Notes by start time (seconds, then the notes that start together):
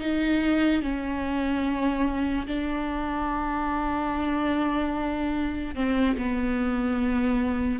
0.00 D#4
0.82 C#4
2.47 D4
5.75 C4
6.17 B3